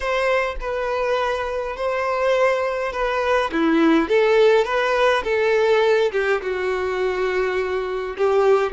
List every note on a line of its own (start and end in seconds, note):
0.00 0.55 C5
0.60 1.76 B4
1.76 2.92 C5
2.92 3.50 B4
3.52 4.08 E4
4.08 4.64 A4
4.64 5.23 B4
5.24 6.11 A4
6.12 6.41 G4
6.41 8.16 F#4
8.17 8.72 G4